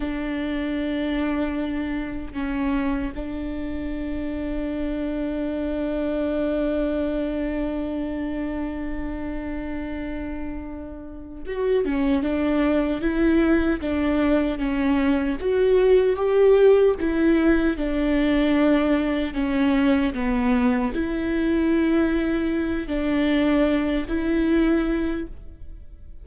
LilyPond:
\new Staff \with { instrumentName = "viola" } { \time 4/4 \tempo 4 = 76 d'2. cis'4 | d'1~ | d'1~ | d'2~ d'8 fis'8 cis'8 d'8~ |
d'8 e'4 d'4 cis'4 fis'8~ | fis'8 g'4 e'4 d'4.~ | d'8 cis'4 b4 e'4.~ | e'4 d'4. e'4. | }